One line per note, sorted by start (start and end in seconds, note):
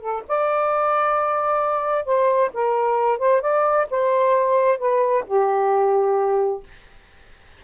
0.00 0.23 A4
0.28 2.05 D5
2.05 2.51 C5
2.53 3.18 A#4
3.18 3.41 C5
3.41 3.87 D5
3.90 4.78 C5
4.78 5.24 B4
5.26 6.63 G4